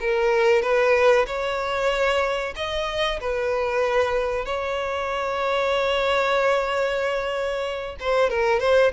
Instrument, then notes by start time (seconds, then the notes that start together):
violin
0.00 A#4
0.62 B4
1.26 C#5
2.56 D#5
3.20 B4
4.45 C#5
8.00 C5
8.29 A#4
8.60 C5